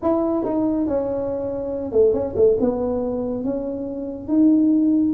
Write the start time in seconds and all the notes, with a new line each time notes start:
0.02 E4
0.44 D#4
0.86 C#4
1.92 A3
2.13 C#4
2.36 A3
2.60 B3
3.44 C#4
4.28 D#4